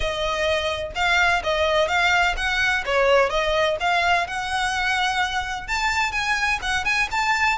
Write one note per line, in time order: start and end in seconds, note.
0.00 0.92 D#5
0.95 1.42 F5
1.43 1.87 D#5
1.87 2.35 F5
2.36 2.83 F#5
2.85 3.29 C#5
3.29 3.76 D#5
3.80 4.27 F5
4.27 5.67 F#5
5.67 6.12 A5
6.12 6.59 G#5
6.62 6.84 F#5
6.84 7.08 G#5
7.11 7.58 A5